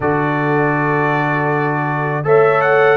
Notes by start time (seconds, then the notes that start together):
0.00 D3 F#4 A4 D5
2.23 A3 A4 C#5 E5
2.61 F#5